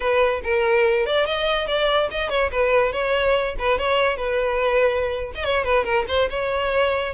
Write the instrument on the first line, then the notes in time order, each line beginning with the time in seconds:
violin
0.00 B4
0.43 A#4
1.05 D5
1.26 D#5
1.67 D5
2.10 D#5
2.29 C#5
2.51 B4
2.92 C#5
3.58 B4
3.78 C#5
4.17 B4
5.34 D#5
5.44 C#5
5.64 B4
5.84 A#4
6.08 C5
6.30 C#5